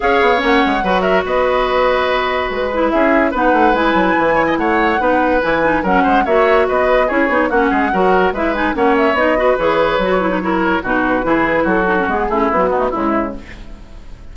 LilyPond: <<
  \new Staff \with { instrumentName = "flute" } { \time 4/4 \tempo 4 = 144 f''4 fis''4. e''8 dis''4~ | dis''2 b'4 e''4 | fis''4 gis''2 fis''4~ | fis''4 gis''4 fis''4 e''4 |
dis''4 cis''4 fis''2 | e''8 gis''8 fis''8 e''8 dis''4 cis''4~ | cis''2 b'2 | a'4 gis'4 fis'4 e'4 | }
  \new Staff \with { instrumentName = "oboe" } { \time 4/4 cis''2 b'8 ais'8 b'4~ | b'2. gis'4 | b'2~ b'8 cis''16 dis''16 cis''4 | b'2 ais'8 c''8 cis''4 |
b'4 gis'4 fis'8 gis'8 ais'4 | b'4 cis''4. b'4.~ | b'4 ais'4 fis'4 gis'4 | fis'4. e'4 dis'8 e'4 | }
  \new Staff \with { instrumentName = "clarinet" } { \time 4/4 gis'4 cis'4 fis'2~ | fis'2~ fis'8 e'4. | dis'4 e'2. | dis'4 e'8 dis'8 cis'4 fis'4~ |
fis'4 e'8 dis'8 cis'4 fis'4 | e'8 dis'8 cis'4 dis'8 fis'8 gis'4 | fis'8 e'16 dis'16 e'4 dis'4 e'4~ | e'8 dis'16 cis'16 b8 cis'8 fis8 b16 a16 gis4 | }
  \new Staff \with { instrumentName = "bassoon" } { \time 4/4 cis'8 b8 ais8 gis8 fis4 b4~ | b2 gis4 cis'4 | b8 a8 gis8 fis8 e4 a4 | b4 e4 fis8 gis8 ais4 |
b4 cis'8 b8 ais8 gis8 fis4 | gis4 ais4 b4 e4 | fis2 b,4 e4 | fis4 gis8 a8 b4 cis4 | }
>>